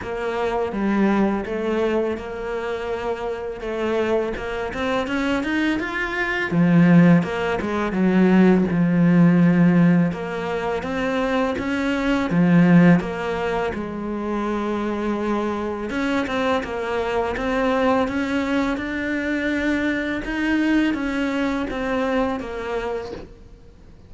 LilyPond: \new Staff \with { instrumentName = "cello" } { \time 4/4 \tempo 4 = 83 ais4 g4 a4 ais4~ | ais4 a4 ais8 c'8 cis'8 dis'8 | f'4 f4 ais8 gis8 fis4 | f2 ais4 c'4 |
cis'4 f4 ais4 gis4~ | gis2 cis'8 c'8 ais4 | c'4 cis'4 d'2 | dis'4 cis'4 c'4 ais4 | }